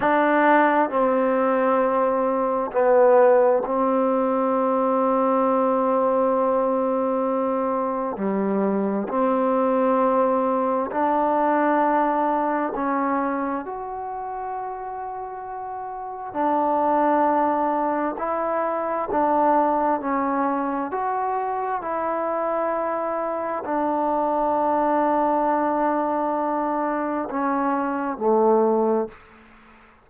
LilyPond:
\new Staff \with { instrumentName = "trombone" } { \time 4/4 \tempo 4 = 66 d'4 c'2 b4 | c'1~ | c'4 g4 c'2 | d'2 cis'4 fis'4~ |
fis'2 d'2 | e'4 d'4 cis'4 fis'4 | e'2 d'2~ | d'2 cis'4 a4 | }